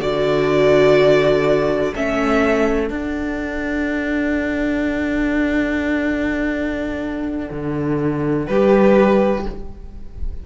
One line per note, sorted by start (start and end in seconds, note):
0.00 1.94 D3
0.00 1.94 F#4
0.00 8.47 A4
0.00 1.95 D5
1.95 2.90 A3
1.95 2.88 C#4
1.95 2.92 E5
2.88 9.41 D4
2.88 7.50 D4
2.88 8.48 F#5
7.51 8.48 D3
8.48 9.46 G3
8.48 9.47 G4
8.48 9.44 B4